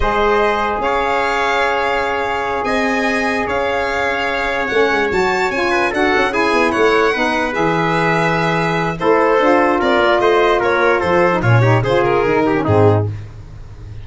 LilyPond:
<<
  \new Staff \with { instrumentName = "violin" } { \time 4/4 \tempo 4 = 147 dis''2 f''2~ | f''2~ f''8 gis''4.~ | gis''8 f''2. fis''8~ | fis''8 a''4 gis''4 fis''4 gis''8~ |
gis''8 fis''2 e''4.~ | e''2 c''2 | d''4 dis''4 cis''4 c''4 | cis''4 c''8 ais'4. gis'4 | }
  \new Staff \with { instrumentName = "trumpet" } { \time 4/4 c''2 cis''2~ | cis''2~ cis''8 dis''4.~ | dis''8 cis''2.~ cis''8~ | cis''2 b'8 a'4 gis'8~ |
gis'8 cis''4 b'2~ b'8~ | b'2 a'2 | ais'4 c''4 ais'4 a'4 | f'8 g'8 gis'4. g'8 dis'4 | }
  \new Staff \with { instrumentName = "saxophone" } { \time 4/4 gis'1~ | gis'1~ | gis'2.~ gis'8 cis'8~ | cis'8 fis'4 f'4 fis'4 e'8~ |
e'4. dis'4 gis'4.~ | gis'2 e'4 f'4~ | f'2.~ f'8. dis'16 | cis'8 dis'8 f'4 dis'8. cis'16 c'4 | }
  \new Staff \with { instrumentName = "tuba" } { \time 4/4 gis2 cis'2~ | cis'2~ cis'8 c'4.~ | c'8 cis'2. a8 | gis8 fis4 cis'4 d'8 cis'4 |
b8 a4 b4 e4.~ | e2 a4 d'4 | c'8 ais8 a4 ais4 f4 | ais,4 cis4 dis4 gis,4 | }
>>